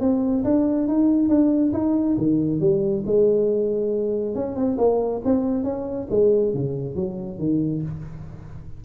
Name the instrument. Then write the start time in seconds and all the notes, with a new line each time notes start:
tuba
0.00 C4
0.44 D4
0.88 D#4
1.28 D4
1.73 D#4
2.17 D#3
2.60 G3
3.06 G#3
4.35 C#4
4.56 C4
4.77 A#3
5.24 C4
5.64 C#4
6.10 G#3
6.54 C#3
6.95 F#3
7.38 D#3